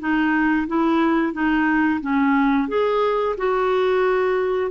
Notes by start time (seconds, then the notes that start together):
0.00 D#4
0.68 E4
1.33 D#4
2.01 C#4
2.69 G#4
3.38 F#4